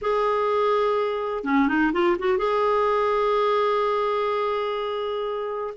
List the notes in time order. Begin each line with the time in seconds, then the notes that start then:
0.01 G#4
1.44 C#4
1.68 D#4
1.92 F4
2.19 F#4
2.37 G#4